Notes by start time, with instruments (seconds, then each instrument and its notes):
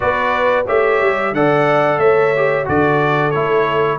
0.00 tuba B3, trombone F#4, horn B4, trumpet D5
0.66 tuba A3, trombone G4, horn C#5, trumpet E5
1.01 tuba G3
1.32 tuba D3, trombone A4, horn D5, trumpet F#5
1.98 tuba A3, horn C#5, trumpet E5
2.35 trombone G4
2.64 tuba D3, trombone F#4, horn A4, trumpet D5
3.31 tuba A3, trombone E4, trumpet C#5